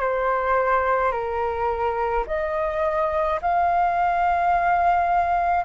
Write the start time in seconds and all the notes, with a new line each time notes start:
0.00 C5
1.11 A#4
2.26 D#5
3.41 F5